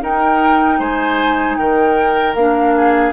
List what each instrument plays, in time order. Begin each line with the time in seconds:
0.00 clarinet D#4, bassoon D#4, oboe A#4, flute G5
0.79 bassoon G#3, oboe C5, flute G#5
1.56 bassoon D#3, oboe A#4, flute G5
2.34 bassoon A#3, clarinet D4, flute F5
2.76 oboe G#4